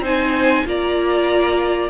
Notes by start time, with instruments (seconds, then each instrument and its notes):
0.00 cello C4, viola D#4, violin C5 G#5
0.65 cello A#3, viola F4, violin D5 A#5